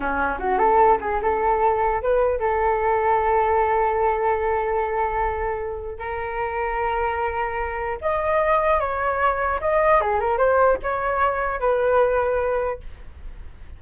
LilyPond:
\new Staff \with { instrumentName = "flute" } { \time 4/4 \tempo 4 = 150 cis'4 fis'8 a'4 gis'8 a'4~ | a'4 b'4 a'2~ | a'1~ | a'2. ais'4~ |
ais'1 | dis''2 cis''2 | dis''4 gis'8 ais'8 c''4 cis''4~ | cis''4 b'2. | }